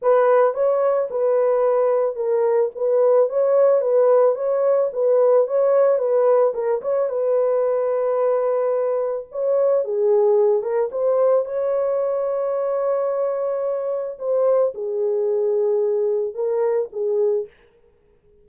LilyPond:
\new Staff \with { instrumentName = "horn" } { \time 4/4 \tempo 4 = 110 b'4 cis''4 b'2 | ais'4 b'4 cis''4 b'4 | cis''4 b'4 cis''4 b'4 | ais'8 cis''8 b'2.~ |
b'4 cis''4 gis'4. ais'8 | c''4 cis''2.~ | cis''2 c''4 gis'4~ | gis'2 ais'4 gis'4 | }